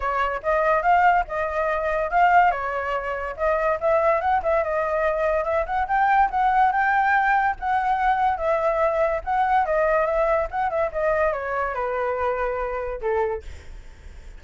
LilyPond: \new Staff \with { instrumentName = "flute" } { \time 4/4 \tempo 4 = 143 cis''4 dis''4 f''4 dis''4~ | dis''4 f''4 cis''2 | dis''4 e''4 fis''8 e''8 dis''4~ | dis''4 e''8 fis''8 g''4 fis''4 |
g''2 fis''2 | e''2 fis''4 dis''4 | e''4 fis''8 e''8 dis''4 cis''4 | b'2. a'4 | }